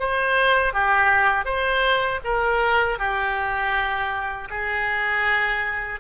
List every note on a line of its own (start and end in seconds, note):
0.00 0.74 C5
0.74 1.45 G4
1.45 2.20 C5
2.24 2.99 A#4
2.99 4.49 G4
4.50 6.00 G#4